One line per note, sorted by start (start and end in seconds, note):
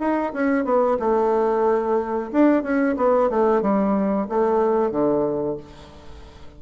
0.00 0.33 D#4
0.33 0.65 C#4
0.65 0.98 B3
1.00 2.31 A3
2.32 2.63 D4
2.63 2.96 C#4
2.97 3.30 B3
3.30 3.62 A3
3.62 4.28 G3
4.29 4.92 A3
4.92 5.57 D3